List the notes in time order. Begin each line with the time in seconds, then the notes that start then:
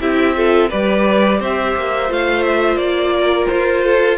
0.00 C4 E4 G4 E5
0.35 F4 A4
0.69 G3 G4 B4 D5
1.40 C4 C5 E5
1.76 A#3
2.08 A3 F4 F5
2.42 E5
2.77 A#3 D5
3.16 A#4
3.47 F4 C5
3.84 A4